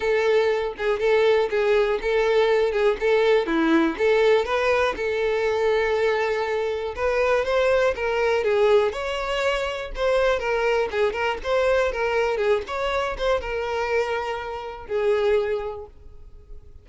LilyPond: \new Staff \with { instrumentName = "violin" } { \time 4/4 \tempo 4 = 121 a'4. gis'8 a'4 gis'4 | a'4. gis'8 a'4 e'4 | a'4 b'4 a'2~ | a'2 b'4 c''4 |
ais'4 gis'4 cis''2 | c''4 ais'4 gis'8 ais'8 c''4 | ais'4 gis'8 cis''4 c''8 ais'4~ | ais'2 gis'2 | }